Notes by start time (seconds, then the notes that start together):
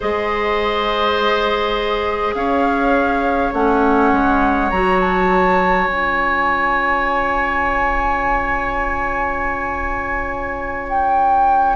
0.00 G#3 G#4 C5 D#5
2.34 C#4 C#5 F5
3.53 A3 C#4 F#5
4.12 G#3
4.70 F#3 F#4 A#5
5.00 A5
5.86 C#4 F4 G#5
10.88 G5